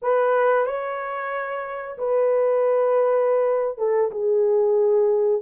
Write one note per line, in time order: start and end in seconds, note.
0.02 0.66 B4
0.66 1.98 C#5
1.98 3.77 B4
3.77 4.10 A4
4.11 5.42 G#4